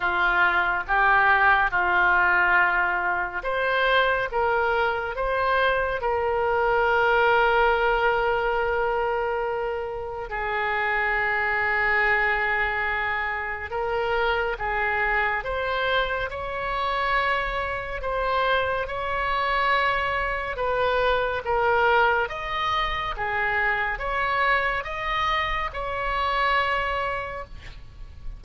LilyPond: \new Staff \with { instrumentName = "oboe" } { \time 4/4 \tempo 4 = 70 f'4 g'4 f'2 | c''4 ais'4 c''4 ais'4~ | ais'1 | gis'1 |
ais'4 gis'4 c''4 cis''4~ | cis''4 c''4 cis''2 | b'4 ais'4 dis''4 gis'4 | cis''4 dis''4 cis''2 | }